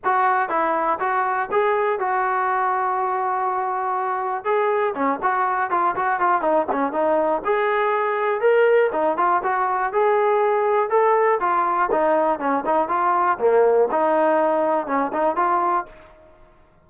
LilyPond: \new Staff \with { instrumentName = "trombone" } { \time 4/4 \tempo 4 = 121 fis'4 e'4 fis'4 gis'4 | fis'1~ | fis'4 gis'4 cis'8 fis'4 f'8 | fis'8 f'8 dis'8 cis'8 dis'4 gis'4~ |
gis'4 ais'4 dis'8 f'8 fis'4 | gis'2 a'4 f'4 | dis'4 cis'8 dis'8 f'4 ais4 | dis'2 cis'8 dis'8 f'4 | }